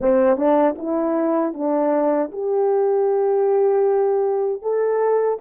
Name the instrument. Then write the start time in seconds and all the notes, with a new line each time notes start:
horn
0.00 C4
0.36 D4
0.78 E4
1.53 D4
2.31 G4
4.62 A4